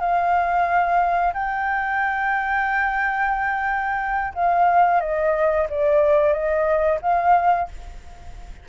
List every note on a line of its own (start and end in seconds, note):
0.00 1.33 F5
1.34 4.34 G5
4.35 5.01 F5
5.01 5.67 D#5
5.70 6.33 D5
6.33 7.00 D#5
7.02 7.68 F5